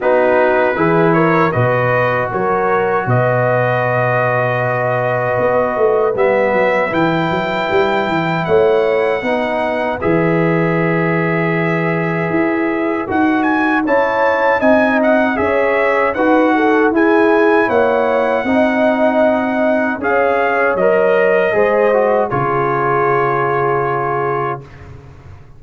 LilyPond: <<
  \new Staff \with { instrumentName = "trumpet" } { \time 4/4 \tempo 4 = 78 b'4. cis''8 dis''4 cis''4 | dis''1 | e''4 g''2 fis''4~ | fis''4 e''2.~ |
e''4 fis''8 gis''8 a''4 gis''8 fis''8 | e''4 fis''4 gis''4 fis''4~ | fis''2 f''4 dis''4~ | dis''4 cis''2. | }
  \new Staff \with { instrumentName = "horn" } { \time 4/4 fis'4 gis'8 ais'8 b'4 ais'4 | b'1~ | b'2. cis''4 | b'1~ |
b'2 cis''4 dis''4 | cis''4 b'8 a'8 gis'4 cis''4 | dis''2 cis''2 | c''4 gis'2. | }
  \new Staff \with { instrumentName = "trombone" } { \time 4/4 dis'4 e'4 fis'2~ | fis'1 | b4 e'2. | dis'4 gis'2.~ |
gis'4 fis'4 e'4 dis'4 | gis'4 fis'4 e'2 | dis'2 gis'4 ais'4 | gis'8 fis'8 f'2. | }
  \new Staff \with { instrumentName = "tuba" } { \time 4/4 b4 e4 b,4 fis4 | b,2. b8 a8 | g8 fis8 e8 fis8 g8 e8 a4 | b4 e2. |
e'4 dis'4 cis'4 c'4 | cis'4 dis'4 e'4 ais4 | c'2 cis'4 fis4 | gis4 cis2. | }
>>